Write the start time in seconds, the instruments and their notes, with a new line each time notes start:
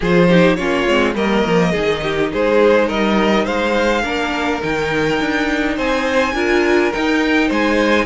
0.00 cello F3, viola F4, violin G#4 C5
0.28 viola D#4, violin G4
0.55 cello A#3, viola C#4, violin F4 C#5
0.87 cello G#3, viola C4
1.14 cello G3, viola A#3, violin A#4 D#5
1.46 cello F3
1.71 cello D#3, viola D#4, violin G#4
2.02 violin G4
2.32 cello G#3, violin G#4 C5
2.87 cello G3, violin A#4 D#5
3.45 cello G#3, violin C5 F5
4.01 cello A#3, viola D4, violin A#4
4.61 cello D#3, viola D#4, violin G5
5.20 cello D4
5.76 cello C4, violin C5 G#5
6.33 cello D4, viola F4, violin A#4
6.92 viola D#4, cello D#4, violin G5
7.47 cello G#3, violin C5 G#5